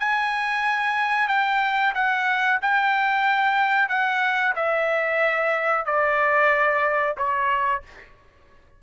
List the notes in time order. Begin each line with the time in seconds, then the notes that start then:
0.00 G#5
1.28 G5
1.95 F#5
2.62 G5
3.89 F#5
4.56 E5
5.86 D5
7.18 C#5